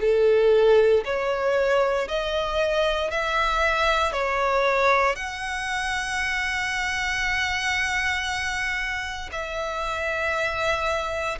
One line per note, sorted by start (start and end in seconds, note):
0.00 1.03 A4
1.04 2.07 C#5
2.07 3.10 D#5
3.10 4.12 E5
4.12 5.15 C#5
5.15 9.29 F#5
9.32 11.38 E5